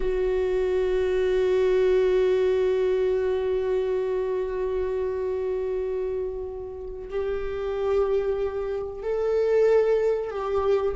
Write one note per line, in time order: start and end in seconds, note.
0.00 7.09 F#4
7.09 9.02 G4
9.02 10.30 A4
10.30 10.95 G4